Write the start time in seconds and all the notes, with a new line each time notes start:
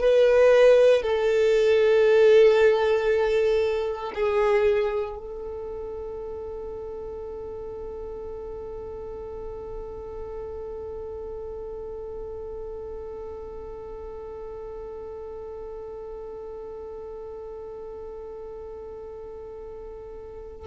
0.00 B4
1.02 A4
4.14 G#4
5.17 A4